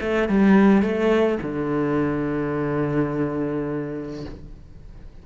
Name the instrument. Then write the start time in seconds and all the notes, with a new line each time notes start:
cello
0.00 A3
0.28 G3
0.82 A3
1.42 D3